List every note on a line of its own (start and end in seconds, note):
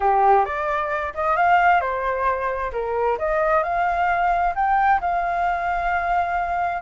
0.00 0.45 G4
0.45 1.13 D5
1.14 1.36 D#5
1.36 1.80 F5
1.80 2.71 C5
2.72 3.17 A#4
3.18 3.63 D#5
3.63 4.54 F5
4.55 5.00 G5
5.01 6.82 F5